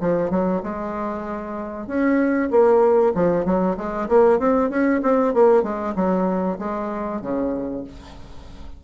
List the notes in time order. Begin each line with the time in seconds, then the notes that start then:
0.00 F3
0.30 F#3
0.63 G#3
1.87 C#4
2.50 A#3
3.14 F3
3.45 F#3
3.77 G#3
4.09 A#3
4.39 C4
4.70 C#4
5.03 C4
5.34 A#3
5.63 G#3
5.95 F#3
6.59 G#3
7.21 C#3